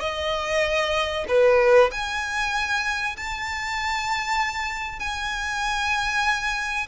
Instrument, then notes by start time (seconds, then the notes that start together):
violin
0.00 D#5
1.28 B4
1.91 G#5
3.16 A5
4.99 G#5